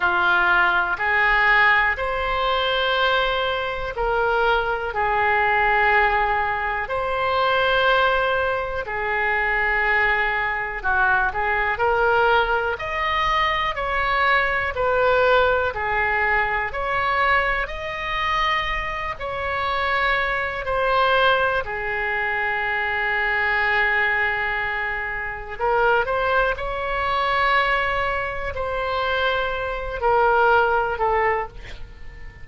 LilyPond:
\new Staff \with { instrumentName = "oboe" } { \time 4/4 \tempo 4 = 61 f'4 gis'4 c''2 | ais'4 gis'2 c''4~ | c''4 gis'2 fis'8 gis'8 | ais'4 dis''4 cis''4 b'4 |
gis'4 cis''4 dis''4. cis''8~ | cis''4 c''4 gis'2~ | gis'2 ais'8 c''8 cis''4~ | cis''4 c''4. ais'4 a'8 | }